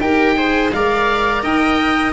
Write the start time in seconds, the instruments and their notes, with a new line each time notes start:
0.00 tuba D#4, cello G4, viola A#4, oboe G5
0.36 cello G#4, viola C5
0.72 tuba G#3, cello A#4, viola D5, oboe F5
1.43 tuba D#4, viola D#5, oboe G5